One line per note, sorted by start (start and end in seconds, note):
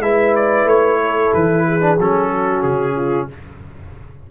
0.00 0.65 G#3
0.00 1.81 E4
0.00 1.01 B4
0.00 0.35 E5
0.36 0.68 D5
0.65 1.30 A3
0.65 1.34 C#5
1.01 1.67 A4
1.34 1.99 E3
1.34 1.99 B4
1.67 2.29 G#4
1.81 1.97 D4
1.99 2.64 F#3
1.99 3.31 C#4
1.99 2.63 A4
2.29 2.95 F#4
2.63 3.29 C#3
2.63 3.28 G#4
2.96 3.28 F4